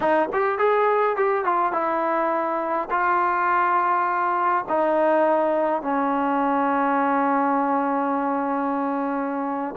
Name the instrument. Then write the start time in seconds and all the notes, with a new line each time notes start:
trombone
0.00 D#4
0.32 G4
0.58 G#4
1.16 G4
1.45 F4
1.72 E4
2.90 F4
4.68 D#4
5.82 C#4